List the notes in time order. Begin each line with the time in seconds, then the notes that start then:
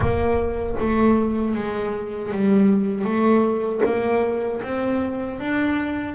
0.00 A#3
0.79 A3
1.55 G#3
2.32 G3
3.04 A3
3.85 A#3
4.62 C4
5.39 D4